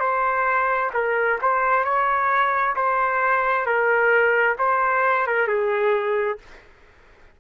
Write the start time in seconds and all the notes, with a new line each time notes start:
0.00 C5
0.94 A#4
1.42 C5
1.85 C#5
2.76 C5
3.66 A#4
4.59 C5
5.27 A#4
5.48 G#4